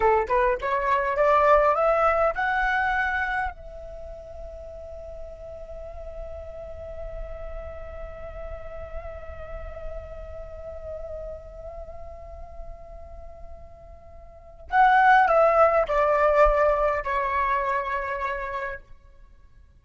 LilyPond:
\new Staff \with { instrumentName = "flute" } { \time 4/4 \tempo 4 = 102 a'8 b'8 cis''4 d''4 e''4 | fis''2 e''2~ | e''1~ | e''1~ |
e''1~ | e''1~ | e''4 fis''4 e''4 d''4~ | d''4 cis''2. | }